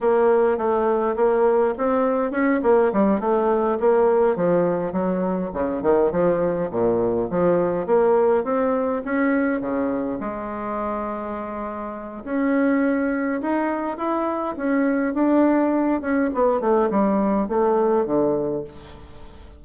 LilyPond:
\new Staff \with { instrumentName = "bassoon" } { \time 4/4 \tempo 4 = 103 ais4 a4 ais4 c'4 | cis'8 ais8 g8 a4 ais4 f8~ | f8 fis4 cis8 dis8 f4 ais,8~ | ais,8 f4 ais4 c'4 cis'8~ |
cis'8 cis4 gis2~ gis8~ | gis4 cis'2 dis'4 | e'4 cis'4 d'4. cis'8 | b8 a8 g4 a4 d4 | }